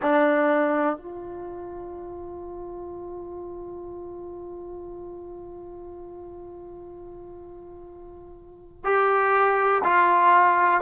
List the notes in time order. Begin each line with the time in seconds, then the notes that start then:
0.02 D4
0.97 F4
8.84 G4
9.84 F4